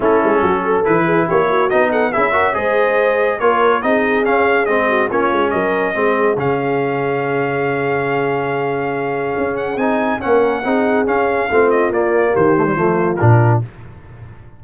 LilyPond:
<<
  \new Staff \with { instrumentName = "trumpet" } { \time 4/4 \tempo 4 = 141 a'2 b'4 cis''4 | dis''8 fis''8 e''4 dis''2 | cis''4 dis''4 f''4 dis''4 | cis''4 dis''2 f''4~ |
f''1~ | f''2~ f''8 fis''8 gis''4 | fis''2 f''4. dis''8 | d''4 c''2 ais'4 | }
  \new Staff \with { instrumentName = "horn" } { \time 4/4 e'4 fis'8 a'4 gis'8 g'8 fis'8~ | fis'8 a'8 gis'8 ais'8 c''2 | ais'4 gis'2~ gis'8 fis'8 | f'4 ais'4 gis'2~ |
gis'1~ | gis'1 | ais'4 gis'2 f'4~ | f'4 g'4 f'2 | }
  \new Staff \with { instrumentName = "trombone" } { \time 4/4 cis'2 e'2 | dis'4 e'8 fis'8 gis'2 | f'4 dis'4 cis'4 c'4 | cis'2 c'4 cis'4~ |
cis'1~ | cis'2. dis'4 | cis'4 dis'4 cis'4 c'4 | ais4. a16 g16 a4 d'4 | }
  \new Staff \with { instrumentName = "tuba" } { \time 4/4 a8 gis8 fis4 e4 ais4 | b4 cis'4 gis2 | ais4 c'4 cis'4 gis4 | ais8 gis8 fis4 gis4 cis4~ |
cis1~ | cis2 cis'4 c'4 | ais4 c'4 cis'4 a4 | ais4 dis4 f4 ais,4 | }
>>